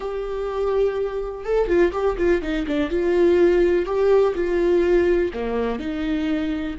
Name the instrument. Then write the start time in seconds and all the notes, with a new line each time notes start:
viola
0.00 G4
1.44 A4
1.67 F4
1.92 G4
2.17 F4
2.41 D#4
2.67 D4
2.89 F4
3.85 G4
4.35 F4
5.33 A#3
5.79 D#4